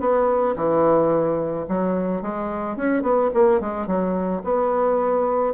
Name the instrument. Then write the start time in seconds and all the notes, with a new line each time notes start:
bassoon
0.00 B3
0.56 E3
1.68 F#3
2.22 G#3
2.76 C#4
3.03 B3
3.34 A#3
3.61 G#3
3.87 F#3
4.44 B3